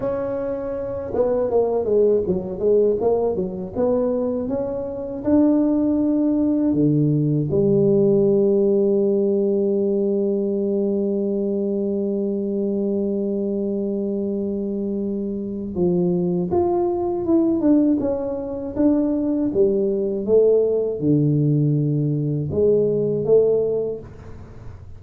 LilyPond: \new Staff \with { instrumentName = "tuba" } { \time 4/4 \tempo 4 = 80 cis'4. b8 ais8 gis8 fis8 gis8 | ais8 fis8 b4 cis'4 d'4~ | d'4 d4 g2~ | g1~ |
g1~ | g4 f4 f'4 e'8 d'8 | cis'4 d'4 g4 a4 | d2 gis4 a4 | }